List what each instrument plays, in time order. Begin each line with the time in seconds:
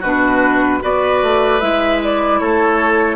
0.00 bassoon B2, clarinet D4, oboe F#4, flute B4
0.81 bassoon B3, clarinet F#4, oboe B4, flute D5
1.22 bassoon A3
1.60 bassoon G#3, clarinet E4, flute E5
2.03 flute D5
2.39 bassoon A3, oboe A4, flute C#5